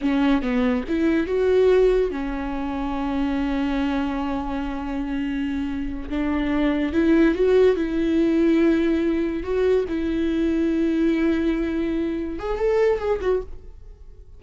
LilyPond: \new Staff \with { instrumentName = "viola" } { \time 4/4 \tempo 4 = 143 cis'4 b4 e'4 fis'4~ | fis'4 cis'2.~ | cis'1~ | cis'2~ cis'8 d'4.~ |
d'8 e'4 fis'4 e'4.~ | e'2~ e'8 fis'4 e'8~ | e'1~ | e'4. gis'8 a'4 gis'8 fis'8 | }